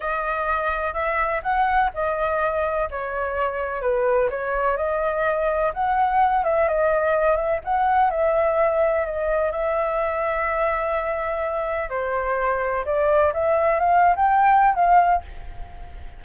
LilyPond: \new Staff \with { instrumentName = "flute" } { \time 4/4 \tempo 4 = 126 dis''2 e''4 fis''4 | dis''2 cis''2 | b'4 cis''4 dis''2 | fis''4. e''8 dis''4. e''8 |
fis''4 e''2 dis''4 | e''1~ | e''4 c''2 d''4 | e''4 f''8. g''4~ g''16 f''4 | }